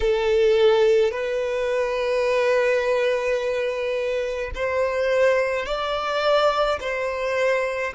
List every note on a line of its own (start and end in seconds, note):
0.00 1.11 A4
1.11 4.50 B4
4.54 5.66 C5
5.66 6.79 D5
6.80 7.93 C5